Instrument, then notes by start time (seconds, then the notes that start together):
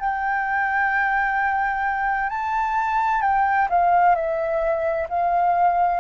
flute
0.00 G5
2.30 A5
3.22 G5
3.70 F5
4.15 E5
5.09 F5